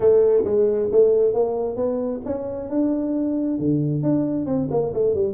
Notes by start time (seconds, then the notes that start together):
0.00 A3
0.44 G#3
0.91 A3
1.33 A#3
1.76 B3
2.25 C#4
2.69 D4
3.58 D3
4.02 D4
4.46 C4
4.70 A#3
4.93 A3
5.14 G3